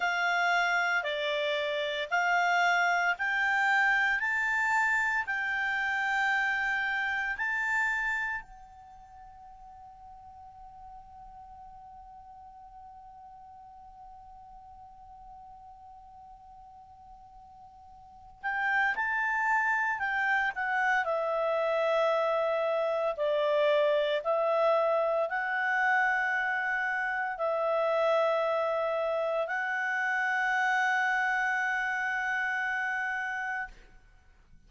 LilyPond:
\new Staff \with { instrumentName = "clarinet" } { \time 4/4 \tempo 4 = 57 f''4 d''4 f''4 g''4 | a''4 g''2 a''4 | fis''1~ | fis''1~ |
fis''4. g''8 a''4 g''8 fis''8 | e''2 d''4 e''4 | fis''2 e''2 | fis''1 | }